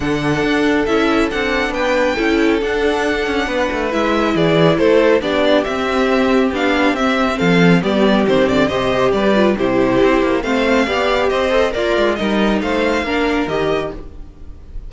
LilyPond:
<<
  \new Staff \with { instrumentName = "violin" } { \time 4/4 \tempo 4 = 138 fis''2 e''4 fis''4 | g''2 fis''2~ | fis''4 e''4 d''4 c''4 | d''4 e''2 f''4 |
e''4 f''4 d''4 c''8 d''8 | dis''4 d''4 c''2 | f''2 dis''4 d''4 | dis''4 f''2 dis''4 | }
  \new Staff \with { instrumentName = "violin" } { \time 4/4 a'1 | b'4 a'2. | b'2 gis'4 a'4 | g'1~ |
g'4 a'4 g'2 | c''4 b'4 g'2 | c''4 d''4 c''4 f'4 | ais'4 c''4 ais'2 | }
  \new Staff \with { instrumentName = "viola" } { \time 4/4 d'2 e'4 d'4~ | d'4 e'4 d'2~ | d'4 e'2. | d'4 c'2 d'4 |
c'2 b4 c'4 | g'4. f'8 e'2 | c'4 g'4. a'8 ais'4 | dis'2 d'4 g'4 | }
  \new Staff \with { instrumentName = "cello" } { \time 4/4 d4 d'4 cis'4 c'4 | b4 cis'4 d'4. cis'8 | b8 a8 gis4 e4 a4 | b4 c'2 b4 |
c'4 f4 g4 dis8 d8 | c4 g4 c4 c'8 ais8 | a4 b4 c'4 ais8 gis8 | g4 a4 ais4 dis4 | }
>>